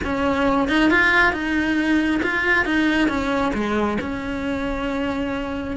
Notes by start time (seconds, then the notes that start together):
0.04 C#4
0.68 D#4
0.90 F4
1.32 D#4
2.22 F4
2.65 D#4
3.08 C#4
3.53 G#3
4.00 C#4